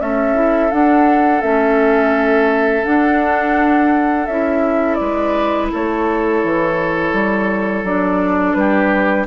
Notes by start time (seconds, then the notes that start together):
0.00 A3 C#4 A4 E5
0.35 E4
0.72 D4 F#5
1.42 A3 C#4 E5
2.85 D4 F#5
4.26 C#4 E4 E5
4.95 G#3 B4 D5
5.72 A3 A4 C#5
6.44 E3
7.13 G3
7.83 F#3 D4 D5
8.55 G3 G4 B4